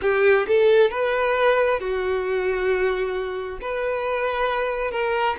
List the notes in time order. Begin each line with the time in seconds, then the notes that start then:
0.01 G4
0.47 A4
0.90 B4
1.80 F#4
3.61 B4
4.91 A#4